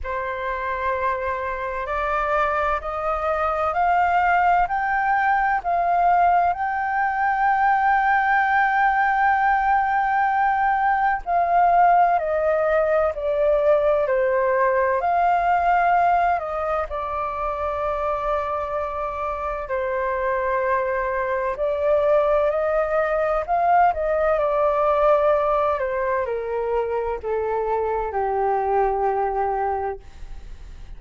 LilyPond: \new Staff \with { instrumentName = "flute" } { \time 4/4 \tempo 4 = 64 c''2 d''4 dis''4 | f''4 g''4 f''4 g''4~ | g''1 | f''4 dis''4 d''4 c''4 |
f''4. dis''8 d''2~ | d''4 c''2 d''4 | dis''4 f''8 dis''8 d''4. c''8 | ais'4 a'4 g'2 | }